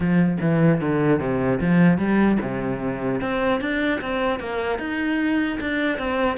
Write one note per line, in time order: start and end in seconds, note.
0.00 0.37 F3
0.41 0.80 E3
0.80 1.19 D3
1.19 1.59 C3
1.60 1.98 F3
1.98 2.38 G3
2.41 3.21 C3
3.21 3.60 C4
3.60 4.00 D4
4.01 4.39 C4
4.39 4.79 A#3
4.79 5.59 D#4
5.60 5.98 D4
5.98 6.37 C4